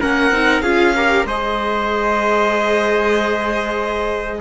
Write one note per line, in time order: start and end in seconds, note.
0.00 0.30 A#3
0.00 0.32 C#4
0.00 0.63 A#4
0.00 0.61 F#5
0.30 0.62 C4
0.30 0.63 D#4
0.61 1.24 C#4
0.61 0.95 F4
0.61 0.94 G#4
0.61 1.25 F5
0.95 1.28 G4
0.95 1.27 A#4
1.24 4.40 G#3
1.24 4.41 G#4
1.24 4.41 C5
1.24 4.41 D#5